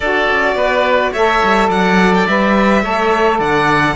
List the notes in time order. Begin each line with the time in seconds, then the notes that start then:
0.00 D4 F#4 A4 D5
0.30 C#4
0.54 B3 B4
1.12 A3 A4 C#5 E5
1.43 G3
1.68 F#3 D5 F#5
2.14 G5
2.26 G3 B4 E5
2.83 A3 A4 C#5
3.38 D3 D5 F#5